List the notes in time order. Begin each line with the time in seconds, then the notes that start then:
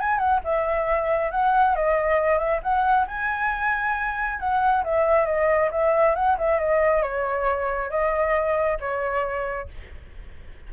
0.00 G#5
0.18 F#5
0.44 E5
1.31 F#5
1.75 D#5
2.38 E5
2.63 F#5
3.07 G#5
4.40 F#5
4.84 E5
5.26 D#5
5.71 E5
6.15 F#5
6.38 E5
6.59 D#5
7.02 C#5
7.90 D#5
8.80 C#5